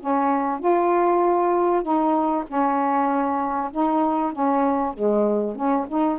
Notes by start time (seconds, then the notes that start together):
0.00 C#4
0.60 F4
1.83 D#4
2.48 C#4
3.72 D#4
4.33 C#4
4.94 G#3
5.56 C#4
5.88 D#4